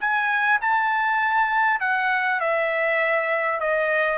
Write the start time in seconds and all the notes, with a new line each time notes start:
0.00 G#5
0.61 A5
1.81 F#5
2.41 E5
3.60 D#5